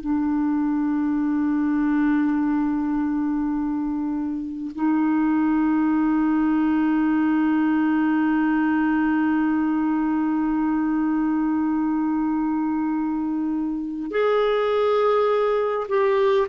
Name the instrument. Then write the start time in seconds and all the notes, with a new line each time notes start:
clarinet
0.00 D4
4.74 D#4
14.10 G#4
15.88 G4